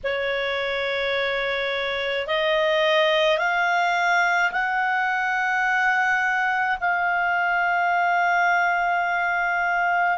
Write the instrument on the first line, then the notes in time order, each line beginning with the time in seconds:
clarinet
0.03 C#5
2.27 D#5
3.38 F5
4.51 F#5
6.80 F5